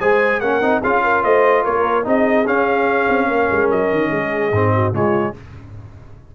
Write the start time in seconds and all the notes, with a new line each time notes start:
0.00 G#3 G#4 C5 G#5
0.40 A#3 C#4 A#4 F#5
0.62 C4 D#4
0.81 C#4 F4 G#4 F5
1.04 A#4
1.23 A3 C5 D#5
1.64 A#3 A#4 C#5
2.04 C4 D#4 G#4 D#5
2.46 C#4 F5
3.09 C4
3.28 A#3 A#4
3.52 G#3
3.71 F#3 D#5
3.92 D#3
4.10 G#3 G#4
4.52 G#2 C4
4.74 F#4
4.93 C#3 G#3 F4 C#5